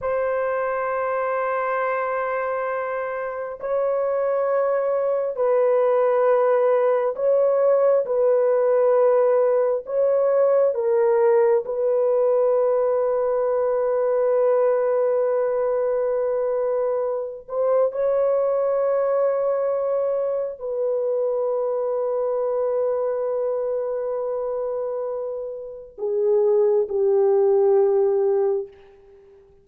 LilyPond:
\new Staff \with { instrumentName = "horn" } { \time 4/4 \tempo 4 = 67 c''1 | cis''2 b'2 | cis''4 b'2 cis''4 | ais'4 b'2.~ |
b'2.~ b'8 c''8 | cis''2. b'4~ | b'1~ | b'4 gis'4 g'2 | }